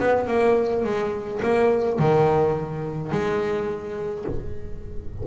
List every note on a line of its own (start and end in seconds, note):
0.00 0.28 B3
0.28 0.84 A#3
0.84 1.41 G#3
1.43 1.99 A#3
1.99 3.12 D#3
3.12 4.25 G#3